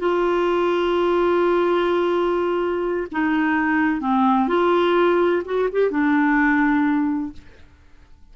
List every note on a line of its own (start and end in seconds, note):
0.00 3.07 F4
3.12 4.01 D#4
4.01 4.48 C4
4.48 5.43 F4
5.45 5.69 F#4
5.72 5.91 G4
5.91 7.33 D4